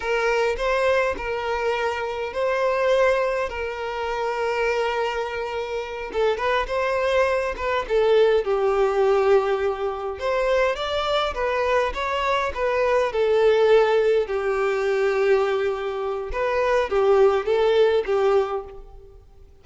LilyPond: \new Staff \with { instrumentName = "violin" } { \time 4/4 \tempo 4 = 103 ais'4 c''4 ais'2 | c''2 ais'2~ | ais'2~ ais'8 a'8 b'8 c''8~ | c''4 b'8 a'4 g'4.~ |
g'4. c''4 d''4 b'8~ | b'8 cis''4 b'4 a'4.~ | a'8 g'2.~ g'8 | b'4 g'4 a'4 g'4 | }